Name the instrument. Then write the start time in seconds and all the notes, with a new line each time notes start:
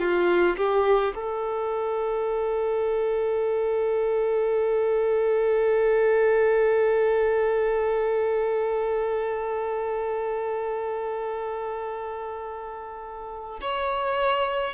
violin
0.00 F4
0.57 G4
1.15 A4
13.62 C#5